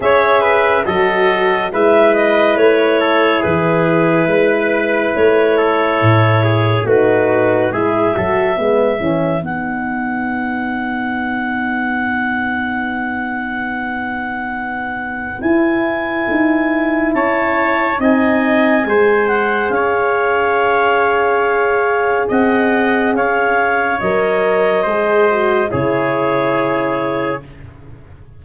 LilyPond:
<<
  \new Staff \with { instrumentName = "clarinet" } { \time 4/4 \tempo 4 = 70 e''4 dis''4 e''8 dis''8 cis''4 | b'2 cis''2 | b'4 e''2 fis''4~ | fis''1~ |
fis''2 gis''2 | a''4 gis''4. fis''8 f''4~ | f''2 fis''4 f''4 | dis''2 cis''2 | }
  \new Staff \with { instrumentName = "trumpet" } { \time 4/4 cis''8 b'8 a'4 b'4. a'8 | gis'4 b'4. a'4 gis'8 | fis'4 gis'8 a'8 b'2~ | b'1~ |
b'1 | cis''4 dis''4 c''4 cis''4~ | cis''2 dis''4 cis''4~ | cis''4 c''4 gis'2 | }
  \new Staff \with { instrumentName = "horn" } { \time 4/4 gis'4 fis'4 e'2~ | e'1 | dis'4 e'8 fis'8 b8 cis'8 dis'4~ | dis'1~ |
dis'2 e'2~ | e'4 dis'4 gis'2~ | gis'1 | ais'4 gis'8 fis'8 e'2 | }
  \new Staff \with { instrumentName = "tuba" } { \time 4/4 cis'4 fis4 gis4 a4 | e4 gis4 a4 a,4 | a4 gis8 fis8 gis8 e8 b4~ | b1~ |
b2 e'4 dis'4 | cis'4 c'4 gis4 cis'4~ | cis'2 c'4 cis'4 | fis4 gis4 cis2 | }
>>